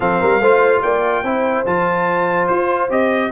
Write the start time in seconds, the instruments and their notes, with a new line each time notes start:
0.00 tuba F3, trombone C4, horn A4, trumpet F5
0.20 tuba G3, horn A#4
0.40 tuba A3, trombone F4, horn C5
0.82 tuba A#3, horn D5, trumpet G5
1.22 tuba C4, trombone E4, horn C5
1.65 tuba F3, trombone F4, trumpet A5
2.47 tuba F4, trumpet C5
2.90 tuba C4, trombone G4, trumpet D#5